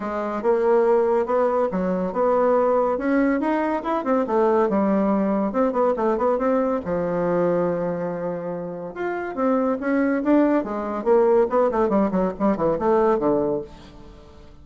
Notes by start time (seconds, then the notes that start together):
0.00 G#3
0.42 A#3
1.26 B3
1.71 F#3
2.12 B3
2.98 C#4
3.40 D#4
3.83 E4
4.04 C4
4.26 A3
4.69 G3
5.52 C4
5.72 B3
5.96 A3
6.17 B3
6.38 C4
6.85 F3
8.94 F4
9.35 C4
9.80 C#4
10.23 D4
10.63 G#3
11.04 A#3
11.49 B3
11.71 A3
11.89 G3
12.11 F#3
12.39 G3
12.56 E3
12.78 A3
13.18 D3